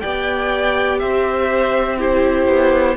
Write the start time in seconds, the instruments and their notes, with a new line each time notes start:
0.00 cello B3, viola G4, violin D5 G5
0.99 cello C4, violin C5 E5
1.98 viola E4, violin G4 C5
2.48 cello B3